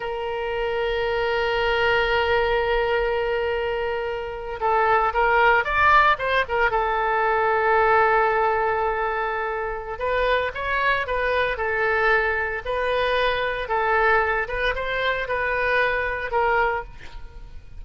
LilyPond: \new Staff \with { instrumentName = "oboe" } { \time 4/4 \tempo 4 = 114 ais'1~ | ais'1~ | ais'8. a'4 ais'4 d''4 c''16~ | c''16 ais'8 a'2.~ a'16~ |
a'2. b'4 | cis''4 b'4 a'2 | b'2 a'4. b'8 | c''4 b'2 ais'4 | }